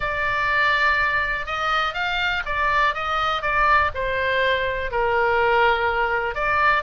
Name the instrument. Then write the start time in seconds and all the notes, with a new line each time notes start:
oboe
0.00 D5
1.45 D#5
1.94 F5
2.45 D5
2.94 D#5
3.41 D5
3.94 C5
4.91 A#4
6.34 D5